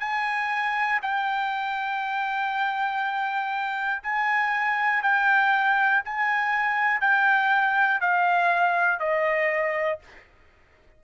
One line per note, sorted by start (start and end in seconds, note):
0.00 1.00 G#5
1.02 4.02 G5
4.03 5.03 G#5
5.03 6.03 G5
6.05 7.01 G#5
7.01 8.01 G5
8.01 9.00 F5
9.00 10.00 D#5